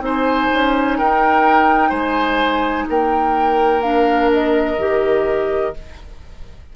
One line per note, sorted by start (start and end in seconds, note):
0.00 0.48 C4
0.00 3.82 D#4
0.00 0.98 C5
0.00 0.99 G#5
0.54 1.00 C#4
0.98 1.91 D#4
0.98 1.89 A#4
0.98 1.92 G5
1.89 2.86 G#3
1.89 2.85 C5
1.89 2.87 G#5
2.89 4.78 A#3
2.89 5.75 A#4
2.89 3.82 G5
3.82 4.77 D4
3.82 4.30 F5
4.33 5.76 D#5
4.78 5.73 D#3
4.78 5.74 G4